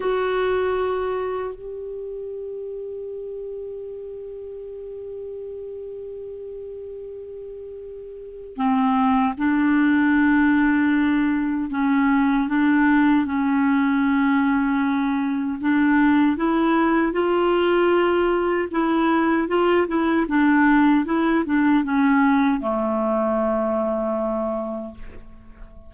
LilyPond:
\new Staff \with { instrumentName = "clarinet" } { \time 4/4 \tempo 4 = 77 fis'2 g'2~ | g'1~ | g'2. c'4 | d'2. cis'4 |
d'4 cis'2. | d'4 e'4 f'2 | e'4 f'8 e'8 d'4 e'8 d'8 | cis'4 a2. | }